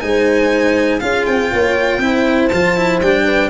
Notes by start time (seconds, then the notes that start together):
0.00 G#3 D#4 C5 G#5
1.00 C#4 F4 G#4 F5
1.26 C4 G5
1.52 A#3 C#5
1.98 C4 E4 C5
2.48 F3 F4 A5
2.77 E4
3.01 G3 D4 G5
3.25 B4